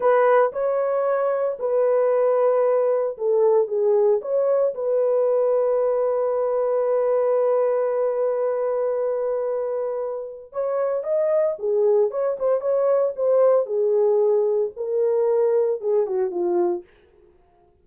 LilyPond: \new Staff \with { instrumentName = "horn" } { \time 4/4 \tempo 4 = 114 b'4 cis''2 b'4~ | b'2 a'4 gis'4 | cis''4 b'2.~ | b'1~ |
b'1 | cis''4 dis''4 gis'4 cis''8 c''8 | cis''4 c''4 gis'2 | ais'2 gis'8 fis'8 f'4 | }